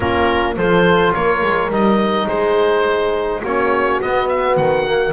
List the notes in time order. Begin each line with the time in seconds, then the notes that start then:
0.00 A#3 C#4 F4 A#4
0.56 F3 F4 A4 C5
1.13 A#3 A#4 C#5
1.42 G#3
1.69 G3 D#4 D#5
2.27 G#3 G#4 C5
3.41 A#3 C#4 F#4 C#5
4.01 B3 D#5
4.28 E5
4.56 D#3 F#5
4.86 A#3